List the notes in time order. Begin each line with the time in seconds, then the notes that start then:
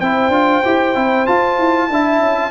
0.00 C4 E4 C5 G5
0.29 D4 F4
0.64 E4 G4
0.94 C4 E4
1.26 F4 A5
1.58 E4
1.90 D4 E4 E5
2.18 C#4